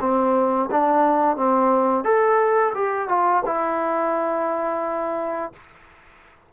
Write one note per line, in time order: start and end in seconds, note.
0.00 0.69 C4
0.71 1.37 D4
1.37 2.04 C4
2.04 2.73 A4
2.74 3.08 G4
3.08 3.43 F4
3.45 5.52 E4